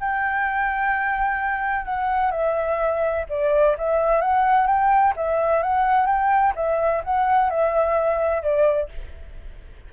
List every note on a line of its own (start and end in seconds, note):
0.00 1.85 G5
1.85 2.31 F#5
2.31 3.25 E5
3.29 3.76 D5
3.78 4.21 E5
4.21 4.67 F#5
4.67 5.13 G5
5.16 5.63 E5
5.63 6.06 F#5
6.06 6.53 G5
6.56 7.02 E5
7.04 7.50 F#5
7.50 8.42 E5
8.42 8.89 D5